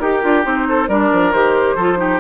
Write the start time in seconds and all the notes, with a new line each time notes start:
0.00 D#4 G4 A#4
0.23 D4 F4
0.43 C4 D#4 C5
0.69 A4
0.89 G3 D4 A#4 D5
1.12 F3
1.33 D#3 G4 C5
1.76 F3 F4 A4
1.97 D#4 G4